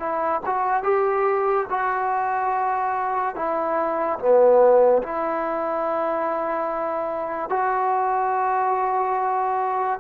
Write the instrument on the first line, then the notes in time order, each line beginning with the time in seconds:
trombone
0.00 E4
0.46 F#4
0.83 G4
1.70 F#4
3.36 E4
4.19 B3
5.03 E4
7.50 F#4